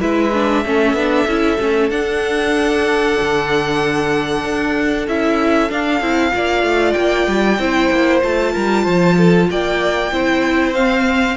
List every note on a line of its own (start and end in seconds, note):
0.00 0.65 G#3
0.00 0.32 E4
0.00 0.64 B4
0.00 1.91 E5
0.33 0.65 D4
0.64 0.93 A3
0.64 0.96 C#4
0.64 6.32 A4
0.93 1.25 B3
0.93 1.28 D4
1.26 1.58 C#4
1.26 1.59 E4
1.59 1.91 A3
1.59 1.91 C#4
1.91 3.17 D4
1.91 5.06 D4
1.91 5.06 F#5
3.21 4.44 D3
4.44 5.07 D4
5.07 5.71 C#4
5.07 5.69 E4
5.07 5.72 E5
5.69 6.01 D4
5.69 6.93 F5
6.01 6.32 C4
6.01 6.32 E4
6.32 6.64 A#3
6.32 7.58 F4
6.32 7.61 D5
6.64 6.95 A3
6.93 7.27 A#3
6.93 8.19 G5
7.27 7.59 G3
7.59 7.90 C4
7.59 8.22 E4
7.59 8.53 C5
7.91 8.22 A#3
8.22 8.55 A3
8.22 10.11 F4
8.22 9.50 A5
8.53 8.87 G3
8.53 8.83 A#4
8.83 9.50 F3
8.83 9.15 C5
9.17 9.49 A4
9.51 10.12 A#3
9.51 10.13 D5
9.51 10.74 G5
10.12 11.37 C4
10.12 10.75 E4
10.12 11.37 C5
10.74 11.37 C4
10.74 11.37 F5